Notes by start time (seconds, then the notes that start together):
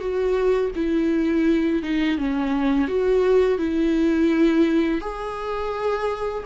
0.00 F#4
0.76 E4
1.83 D#4
2.18 C#4
2.88 F#4
3.58 E4
5.01 G#4